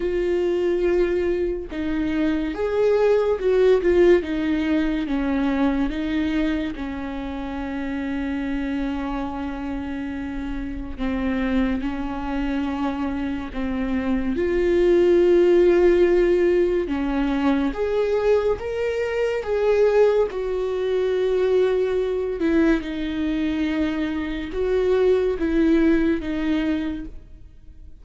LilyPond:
\new Staff \with { instrumentName = "viola" } { \time 4/4 \tempo 4 = 71 f'2 dis'4 gis'4 | fis'8 f'8 dis'4 cis'4 dis'4 | cis'1~ | cis'4 c'4 cis'2 |
c'4 f'2. | cis'4 gis'4 ais'4 gis'4 | fis'2~ fis'8 e'8 dis'4~ | dis'4 fis'4 e'4 dis'4 | }